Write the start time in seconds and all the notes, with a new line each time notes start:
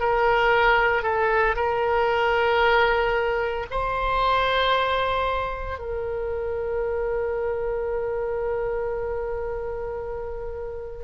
0.00 A#4
1.03 A4
1.56 A#4
3.71 C5
5.78 A#4